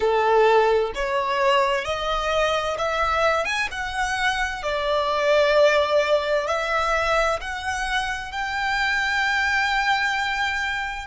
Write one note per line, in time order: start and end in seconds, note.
0.00 0.92 A4
0.94 1.85 C#5
1.85 2.77 D#5
2.77 3.44 E5
3.44 3.68 G#5
3.71 4.62 F#5
4.62 6.47 D5
6.47 7.39 E5
7.41 8.31 F#5
8.31 11.06 G5